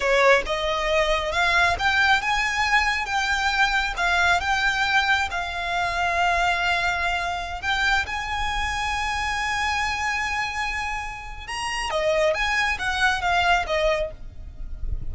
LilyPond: \new Staff \with { instrumentName = "violin" } { \time 4/4 \tempo 4 = 136 cis''4 dis''2 f''4 | g''4 gis''2 g''4~ | g''4 f''4 g''2 | f''1~ |
f''4~ f''16 g''4 gis''4.~ gis''16~ | gis''1~ | gis''2 ais''4 dis''4 | gis''4 fis''4 f''4 dis''4 | }